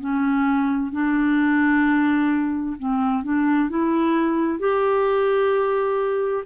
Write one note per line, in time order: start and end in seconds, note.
0.00 0.92 C#4
0.92 2.77 D4
2.79 3.24 C4
3.24 3.70 D4
3.70 4.59 E4
4.59 6.44 G4